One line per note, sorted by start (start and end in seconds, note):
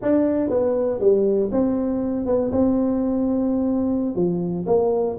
0.02 0.49 D4
0.49 0.99 B3
0.99 1.50 G3
1.51 2.26 C4
2.26 2.51 B3
2.52 4.15 C4
4.15 4.65 F3
4.66 5.17 A#3